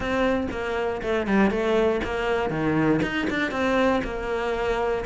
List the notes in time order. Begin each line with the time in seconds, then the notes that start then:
0.00 C4
0.51 A#3
1.02 A3
1.26 G3
1.50 A3
2.04 A#3
2.50 D#3
3.02 D#4
3.30 D4
3.51 C4
4.03 A#3